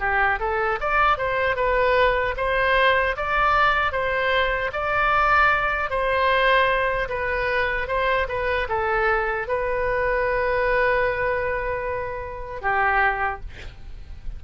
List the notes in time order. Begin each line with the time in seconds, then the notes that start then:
0.00 G4
0.40 A4
0.81 D5
1.18 C5
1.56 B4
2.37 C5
3.17 D5
3.92 C5
4.73 D5
5.90 C5
7.09 B4
7.88 C5
8.29 B4
8.69 A4
9.48 B4
12.62 G4